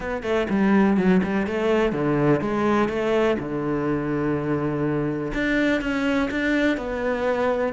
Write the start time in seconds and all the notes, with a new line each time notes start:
0.00 B3
0.23 A3
0.49 G3
0.97 F#3
1.23 G3
1.46 A3
1.92 D3
2.40 G#3
2.89 A3
3.38 D3
5.33 D4
5.81 C#4
6.30 D4
6.77 B3